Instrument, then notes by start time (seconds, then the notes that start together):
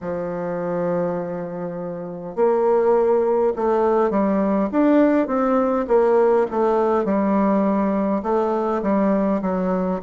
bassoon
0.01 F3
2.35 A#3
3.56 A3
4.10 G3
4.71 D4
5.27 C4
5.87 A#3
6.50 A3
7.04 G3
8.22 A3
8.82 G3
9.41 F#3